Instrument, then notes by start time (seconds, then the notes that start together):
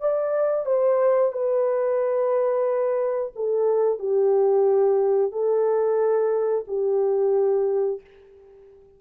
horn
0.00 D5
0.65 C5
1.32 B4
3.35 A4
3.98 G4
5.32 A4
6.67 G4